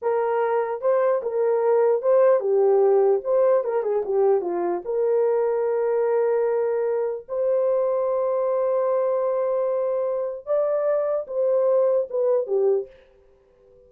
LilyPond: \new Staff \with { instrumentName = "horn" } { \time 4/4 \tempo 4 = 149 ais'2 c''4 ais'4~ | ais'4 c''4 g'2 | c''4 ais'8 gis'8 g'4 f'4 | ais'1~ |
ais'2 c''2~ | c''1~ | c''2 d''2 | c''2 b'4 g'4 | }